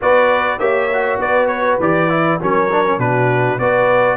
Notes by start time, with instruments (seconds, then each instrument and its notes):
0.01 tuba B3, trombone F#4, horn B4, trumpet D5
0.59 tuba A#3, trombone G4, horn C#5, trumpet E5
0.93 trombone F#4
1.18 tuba B3, horn B4, trumpet D5
1.47 trumpet C#5
1.79 tuba E3, trombone G4, trumpet D5
2.09 trombone E4
2.40 tuba F#3, trombone C#4, horn A#4, trumpet C#5
2.71 trombone D4
2.84 trombone C#4
2.98 tuba B2, trombone D4, horn F#4, trumpet B4
3.58 tuba B3, trombone F#4, horn B4, trumpet D5